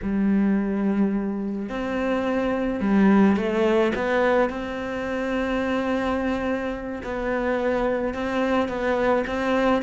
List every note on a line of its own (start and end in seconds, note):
0.02 1.69 G3
1.69 2.80 C4
2.80 3.36 G3
3.36 3.92 A3
3.95 4.49 B3
4.49 7.01 C4
7.03 8.14 B3
8.14 8.68 C4
8.68 9.24 B3
9.27 9.82 C4